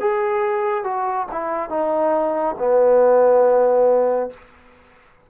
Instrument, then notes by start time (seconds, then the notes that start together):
trombone
0.00 G#4
0.84 F#4
1.32 E4
1.69 D#4
2.59 B3